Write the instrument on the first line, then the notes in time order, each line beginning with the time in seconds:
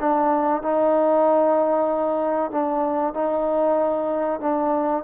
trombone
0.00 D4
0.63 D#4
2.51 D4
3.14 D#4
4.40 D4